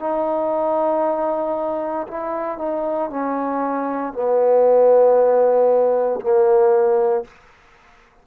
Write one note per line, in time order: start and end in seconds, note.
0.00 2.07 D#4
2.08 2.59 E4
2.59 3.10 D#4
3.10 4.13 C#4
4.13 6.20 B3
6.21 7.25 A#3